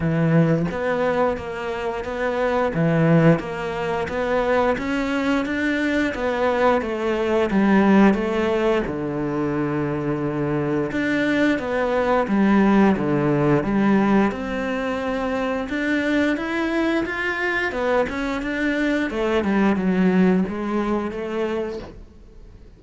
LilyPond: \new Staff \with { instrumentName = "cello" } { \time 4/4 \tempo 4 = 88 e4 b4 ais4 b4 | e4 ais4 b4 cis'4 | d'4 b4 a4 g4 | a4 d2. |
d'4 b4 g4 d4 | g4 c'2 d'4 | e'4 f'4 b8 cis'8 d'4 | a8 g8 fis4 gis4 a4 | }